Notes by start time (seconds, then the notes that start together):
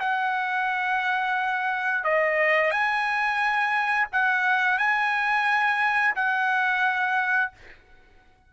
0.00 F#5
2.04 D#5
2.71 G#5
4.12 F#5
4.78 G#5
6.15 F#5